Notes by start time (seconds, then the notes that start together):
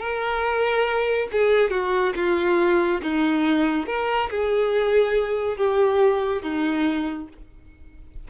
0.00 A#4
1.32 G#4
1.71 F#4
2.16 F4
3.03 D#4
3.87 A#4
4.31 G#4
5.58 G4
6.43 D#4